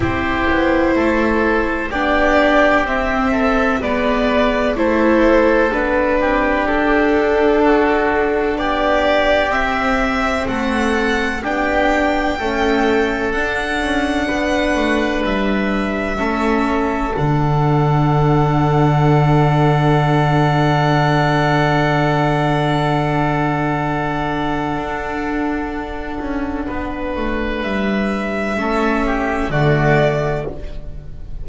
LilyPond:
<<
  \new Staff \with { instrumentName = "violin" } { \time 4/4 \tempo 4 = 63 c''2 d''4 e''4 | d''4 c''4 b'4 a'4~ | a'4 d''4 e''4 fis''4 | g''2 fis''2 |
e''2 fis''2~ | fis''1~ | fis''1~ | fis''4 e''2 d''4 | }
  \new Staff \with { instrumentName = "oboe" } { \time 4/4 g'4 a'4 g'4. a'8 | b'4 a'4. g'4. | fis'4 g'2 a'4 | g'4 a'2 b'4~ |
b'4 a'2.~ | a'1~ | a'1 | b'2 a'8 g'8 fis'4 | }
  \new Staff \with { instrumentName = "viola" } { \time 4/4 e'2 d'4 c'4 | b4 e'4 d'2~ | d'2 c'2 | d'4 a4 d'2~ |
d'4 cis'4 d'2~ | d'1~ | d'1~ | d'2 cis'4 a4 | }
  \new Staff \with { instrumentName = "double bass" } { \time 4/4 c'8 b8 a4 b4 c'4 | gis4 a4 b8 c'8 d'4~ | d'4 b4 c'4 a4 | b4 cis'4 d'8 cis'8 b8 a8 |
g4 a4 d2~ | d1~ | d2 d'4. cis'8 | b8 a8 g4 a4 d4 | }
>>